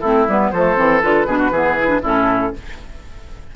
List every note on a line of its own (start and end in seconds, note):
0.00 0.28 A3
0.00 0.28 C4
0.00 0.50 E4
0.00 0.25 A4
0.28 0.51 G3
0.28 0.54 B3
0.28 0.51 B4
0.51 0.76 F3
0.51 0.76 A3
0.51 1.27 A4
0.51 1.01 C5
0.76 1.03 E3
0.76 1.01 C4
1.01 1.26 D3
1.01 1.27 F4
1.01 2.01 B4
1.26 1.51 B2
1.26 1.52 D4
1.26 1.38 G#4
1.38 1.51 F#4
1.51 2.01 E3
1.51 1.78 B3
1.51 2.02 G#4
1.79 1.88 E4
1.88 2.00 D4
2.02 2.53 A2
2.02 2.54 C#4
2.02 2.52 E4
2.02 2.56 A4